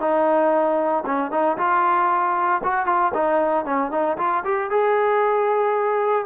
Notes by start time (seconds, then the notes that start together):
0.00 D#4
1.06 C#4
1.31 D#4
1.58 F4
2.64 F#4
2.86 F4
3.14 D#4
3.65 C#4
3.92 D#4
4.18 F4
4.45 G4
4.71 G#4